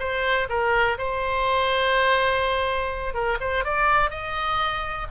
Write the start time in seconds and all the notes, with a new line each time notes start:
0.00 C5
0.50 A#4
0.99 C5
3.14 A#4
3.41 C5
3.65 D5
4.11 D#5